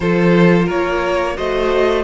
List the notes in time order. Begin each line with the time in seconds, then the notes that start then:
0.00 F3 F4 A4 C5
0.65 A#3 A#4 C#5
1.36 A3 F#4 C5 D#5